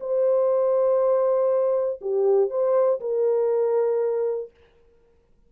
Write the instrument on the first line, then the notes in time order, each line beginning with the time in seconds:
horn
0.00 C5
2.01 G4
2.50 C5
3.00 A#4